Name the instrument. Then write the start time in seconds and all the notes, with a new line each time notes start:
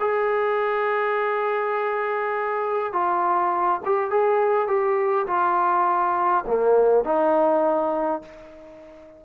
trombone
0.00 G#4
2.93 F4
3.85 G4
4.10 G#4
4.68 G4
5.27 F4
6.47 A#3
7.04 D#4